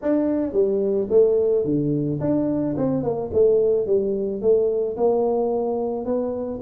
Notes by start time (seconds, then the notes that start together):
0.02 D4
0.53 G3
1.10 A3
1.65 D3
2.20 D4
2.77 C4
3.03 A#3
3.33 A3
3.86 G3
4.41 A3
4.96 A#3
6.05 B3